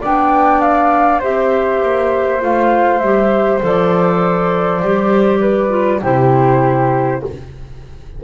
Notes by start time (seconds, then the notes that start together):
0.00 B3 D4 D5 G5
0.60 F5
1.19 C4 G4 C5 E5
1.82 A#3
2.39 A3 F4 F5
2.98 G3 G4 E5
3.61 F3 A4 D5
4.82 G3 G4
5.40 B4
5.69 F4
6.01 C3 E4 G4 C5